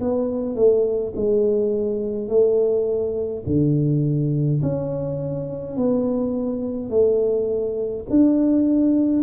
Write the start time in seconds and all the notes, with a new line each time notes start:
0.00 B3
0.55 A3
1.15 G#3
2.28 A3
3.46 D3
4.62 C#4
5.76 B3
6.89 A3
8.10 D4